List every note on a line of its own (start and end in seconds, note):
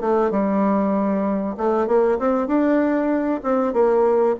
0.00 0.31 A3
0.31 1.56 G3
1.57 1.87 A3
1.87 2.18 A#3
2.18 2.47 C4
2.47 3.41 D4
3.43 3.73 C4
3.73 4.36 A#3